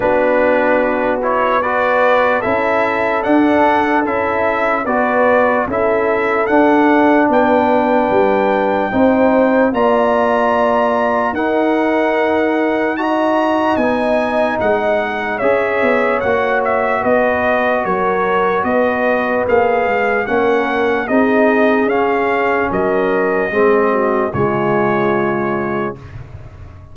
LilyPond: <<
  \new Staff \with { instrumentName = "trumpet" } { \time 4/4 \tempo 4 = 74 b'4. cis''8 d''4 e''4 | fis''4 e''4 d''4 e''4 | fis''4 g''2. | ais''2 fis''2 |
ais''4 gis''4 fis''4 e''4 | fis''8 e''8 dis''4 cis''4 dis''4 | f''4 fis''4 dis''4 f''4 | dis''2 cis''2 | }
  \new Staff \with { instrumentName = "horn" } { \time 4/4 fis'2 b'4 a'4~ | a'2 b'4 a'4~ | a'4 b'2 c''4 | d''2 ais'2 |
dis''2. cis''4~ | cis''4 b'4 ais'4 b'4~ | b'4 ais'4 gis'2 | ais'4 gis'8 fis'8 f'2 | }
  \new Staff \with { instrumentName = "trombone" } { \time 4/4 d'4. e'8 fis'4 e'4 | d'4 e'4 fis'4 e'4 | d'2. dis'4 | f'2 dis'2 |
fis'4 dis'2 gis'4 | fis'1 | gis'4 cis'4 dis'4 cis'4~ | cis'4 c'4 gis2 | }
  \new Staff \with { instrumentName = "tuba" } { \time 4/4 b2. cis'4 | d'4 cis'4 b4 cis'4 | d'4 b4 g4 c'4 | ais2 dis'2~ |
dis'4 b4 gis4 cis'8 b8 | ais4 b4 fis4 b4 | ais8 gis8 ais4 c'4 cis'4 | fis4 gis4 cis2 | }
>>